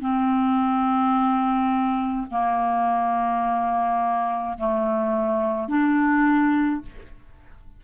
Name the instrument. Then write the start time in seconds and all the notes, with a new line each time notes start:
clarinet
0.00 C4
2.31 A#3
4.58 A3
5.68 D4